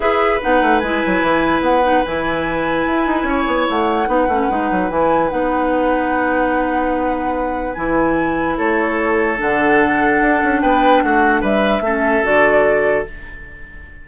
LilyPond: <<
  \new Staff \with { instrumentName = "flute" } { \time 4/4 \tempo 4 = 147 e''4 fis''4 gis''2 | fis''4 gis''2.~ | gis''4 fis''2. | gis''4 fis''2.~ |
fis''2. gis''4~ | gis''4 cis''2 fis''4~ | fis''2 g''4 fis''4 | e''2 d''2 | }
  \new Staff \with { instrumentName = "oboe" } { \time 4/4 b'1~ | b'1 | cis''2 b'2~ | b'1~ |
b'1~ | b'4 a'2.~ | a'2 b'4 fis'4 | b'4 a'2. | }
  \new Staff \with { instrumentName = "clarinet" } { \time 4/4 gis'4 dis'4 e'2~ | e'8 dis'8 e'2.~ | e'2 dis'8 cis'8 dis'4 | e'4 dis'2.~ |
dis'2. e'4~ | e'2. d'4~ | d'1~ | d'4 cis'4 fis'2 | }
  \new Staff \with { instrumentName = "bassoon" } { \time 4/4 e'4 b8 a8 gis8 fis8 e4 | b4 e2 e'8 dis'8 | cis'8 b8 a4 b8 a8 gis8 fis8 | e4 b2.~ |
b2. e4~ | e4 a2 d4~ | d4 d'8 cis'8 b4 a4 | g4 a4 d2 | }
>>